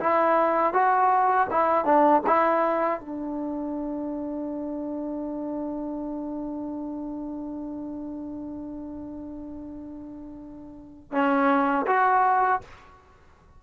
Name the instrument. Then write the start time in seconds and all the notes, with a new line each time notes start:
trombone
0.00 E4
0.73 F#4
1.51 E4
1.85 D4
2.27 E4
3.00 D4
11.12 C#4
11.87 F#4